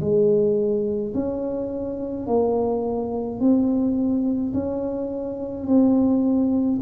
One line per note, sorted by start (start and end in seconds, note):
0.00 1.13 G#3
1.14 2.26 C#4
2.26 3.40 A#3
3.40 4.53 C4
4.53 5.67 C#4
5.67 6.80 C4